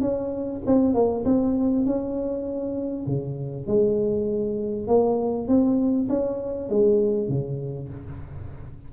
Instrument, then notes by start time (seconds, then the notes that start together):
tuba
0.00 C#4
0.66 C4
0.94 A#3
1.25 C4
1.85 C#4
3.06 C#3
3.66 G#3
4.87 A#3
5.47 C4
6.09 C#4
6.69 G#3
7.28 C#3